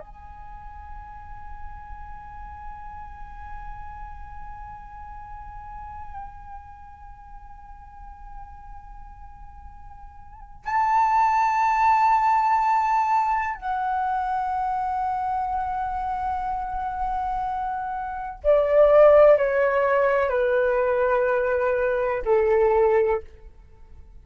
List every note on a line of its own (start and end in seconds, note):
0.00 10.65 G#5
10.65 13.55 A5
13.55 18.39 F#5
18.44 19.38 D5
19.38 20.30 C#5
20.30 22.23 B4
22.25 23.22 A4